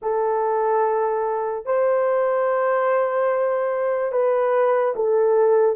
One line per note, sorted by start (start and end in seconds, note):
0.01 1.65 A4
1.65 4.11 C5
4.11 4.94 B4
4.95 5.75 A4